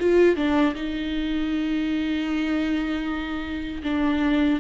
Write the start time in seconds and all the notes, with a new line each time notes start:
0.00 F4
0.36 D4
0.75 D#4
3.83 D4